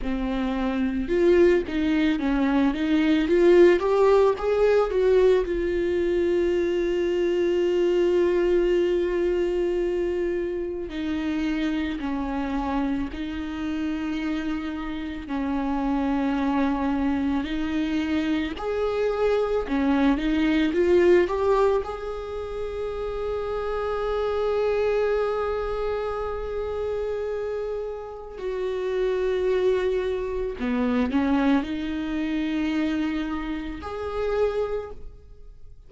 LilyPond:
\new Staff \with { instrumentName = "viola" } { \time 4/4 \tempo 4 = 55 c'4 f'8 dis'8 cis'8 dis'8 f'8 g'8 | gis'8 fis'8 f'2.~ | f'2 dis'4 cis'4 | dis'2 cis'2 |
dis'4 gis'4 cis'8 dis'8 f'8 g'8 | gis'1~ | gis'2 fis'2 | b8 cis'8 dis'2 gis'4 | }